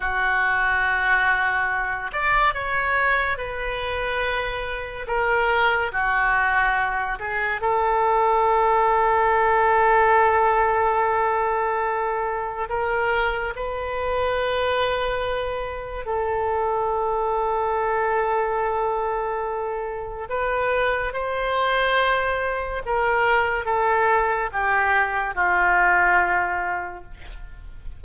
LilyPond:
\new Staff \with { instrumentName = "oboe" } { \time 4/4 \tempo 4 = 71 fis'2~ fis'8 d''8 cis''4 | b'2 ais'4 fis'4~ | fis'8 gis'8 a'2.~ | a'2. ais'4 |
b'2. a'4~ | a'1 | b'4 c''2 ais'4 | a'4 g'4 f'2 | }